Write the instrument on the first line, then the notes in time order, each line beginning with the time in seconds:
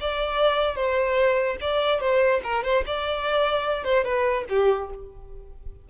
violin
0.00 D5
0.75 C5
1.61 D5
2.00 C5
2.43 A#4
2.63 C5
2.86 D5
3.84 C5
4.04 B4
4.49 G4